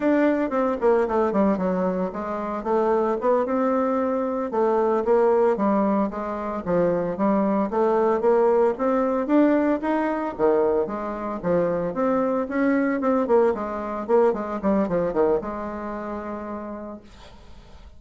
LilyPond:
\new Staff \with { instrumentName = "bassoon" } { \time 4/4 \tempo 4 = 113 d'4 c'8 ais8 a8 g8 fis4 | gis4 a4 b8 c'4.~ | c'8 a4 ais4 g4 gis8~ | gis8 f4 g4 a4 ais8~ |
ais8 c'4 d'4 dis'4 dis8~ | dis8 gis4 f4 c'4 cis'8~ | cis'8 c'8 ais8 gis4 ais8 gis8 g8 | f8 dis8 gis2. | }